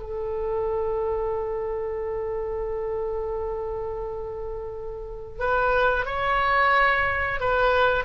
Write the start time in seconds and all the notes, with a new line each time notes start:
0.00 A4
5.39 B4
6.06 C#5
7.40 B4